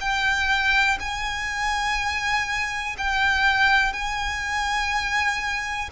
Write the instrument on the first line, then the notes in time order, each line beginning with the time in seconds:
violin
0.00 G5
1.00 G#5
2.98 G5
3.93 G#5